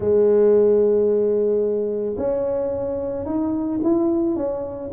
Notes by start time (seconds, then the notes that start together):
0.00 G#3
2.17 C#4
3.25 D#4
3.83 E4
4.36 C#4